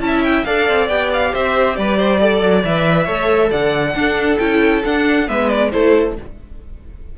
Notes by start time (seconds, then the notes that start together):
0.00 C#4 E4 A5
0.07 E5
0.24 G5
0.45 D4 A4 D5 F5
0.69 C4
0.89 B3 G4 G5
1.13 F5
1.32 C4 C5 E5
1.76 G3 B4 D5
1.98 C5
2.21 A4 D5
2.42 F#3
2.64 E3 B4 E5
3.05 A3 A4 C#5
3.50 D3 D5 F#5
3.95 D4 A4
4.39 C#4 E4 G5
4.85 D4 F#5
5.27 G#3 B3 B4 E5
5.49 D5
5.72 A3 E4 A4 C5